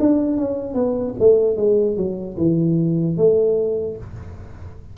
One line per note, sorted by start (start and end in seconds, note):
0.00 0.38 D4
0.38 0.75 C#4
0.75 1.15 B3
1.20 1.57 A3
1.57 1.97 G#3
1.97 2.37 F#3
2.37 3.17 E3
3.17 3.97 A3